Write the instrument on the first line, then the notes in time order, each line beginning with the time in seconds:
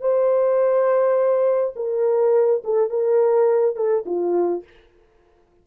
horn
0.00 C5
1.75 A#4
2.64 A4
2.90 A#4
3.75 A4
4.05 F4